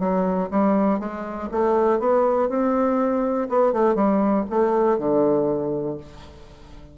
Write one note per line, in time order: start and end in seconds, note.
0.00 0.50 F#3
0.51 1.00 G3
1.00 1.49 G#3
1.52 2.00 A3
2.00 2.49 B3
2.49 3.48 C4
3.49 3.73 B3
3.73 3.95 A3
3.95 4.45 G3
4.50 4.99 A3
4.99 5.98 D3